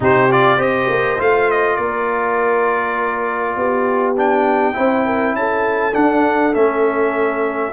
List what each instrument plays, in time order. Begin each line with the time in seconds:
0.00 tuba C3, trombone D#4, horn G4, trumpet C5
0.30 trombone F4, trumpet D5
0.57 tuba C4, trombone G4, horn C5, trumpet D#5
0.89 tuba A#3
1.18 tuba A3, trombone F4, trumpet F5
1.50 trumpet D#5
1.76 tuba A#3, horn A#4, trumpet D5
3.55 tuba B3, horn G4
4.16 trombone D4, trumpet G5
4.73 tuba C4, trombone E4, horn C5
5.05 horn A#4
5.34 tuba C#4, horn A4, trumpet A5
5.94 trombone D4, tuba D4, trumpet F#5
6.54 tuba A3, trombone C#4, trumpet E5